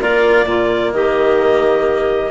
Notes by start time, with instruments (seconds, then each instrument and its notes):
0.00 bassoon A#3, cello F4, clarinet A#4 D5
0.45 bassoon A#2, cello A#3, clarinet F4
0.92 bassoon D#3, clarinet G4 D#5